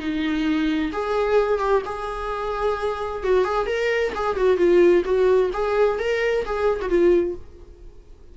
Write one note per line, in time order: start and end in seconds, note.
0.00 0.92 D#4
0.93 1.59 G#4
1.59 1.83 G4
1.86 3.24 G#4
3.24 3.45 F#4
3.45 3.67 G#4
3.67 4.13 A#4
4.15 4.37 G#4
4.37 4.58 F#4
4.58 5.04 F4
5.05 5.52 F#4
5.54 5.99 G#4
5.99 6.46 A#4
6.46 6.80 G#4
6.82 6.90 F#4
6.90 7.36 F4